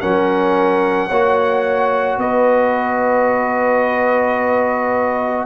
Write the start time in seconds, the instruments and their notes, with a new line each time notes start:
0.00 tuba F#3, trombone C#4, horn A#4, trumpet F#5
1.08 tuba A#3, trombone F#4, horn C#5
2.17 tuba B3, horn B4, trumpet D#5